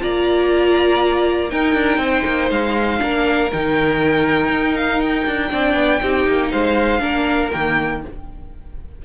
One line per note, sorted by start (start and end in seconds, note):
0.00 1.52 A#3
0.00 1.49 F4
0.00 1.51 D5
0.00 1.50 A#5
1.49 2.99 D#4
1.49 1.74 D#4
1.49 2.01 A#4
1.49 2.50 G5
1.74 1.97 D4
1.97 2.22 C4
1.97 3.02 C5
2.25 2.50 A#3
2.50 3.00 G#3
2.50 3.51 F5
2.99 3.52 A#3
2.99 3.49 D4
2.99 5.50 A#4
3.52 4.49 D#3
3.52 5.49 D#4
3.52 4.77 G5
4.49 5.24 D#4
4.77 5.00 F5
5.00 6.50 G5
5.26 5.51 D4
5.49 5.74 C4
5.49 5.99 D4
5.49 6.00 D5
5.74 5.99 B3
6.02 6.27 C4
6.02 6.99 D#4
6.02 6.51 G4
6.28 6.53 A#3
6.51 7.00 G#3
6.51 7.01 C5
6.51 7.51 F5
6.99 7.50 A#3
6.99 7.49 D4
6.99 8.02 A#4
7.52 8.04 D#3
7.52 8.03 A#3
7.52 8.02 G5